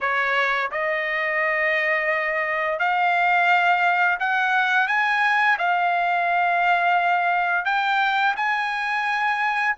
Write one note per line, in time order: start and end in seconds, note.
0.01 0.70 C#5
0.71 2.79 D#5
2.79 4.18 F5
4.19 4.87 F#5
4.87 5.57 G#5
5.58 7.65 F5
7.65 8.34 G5
8.36 9.76 G#5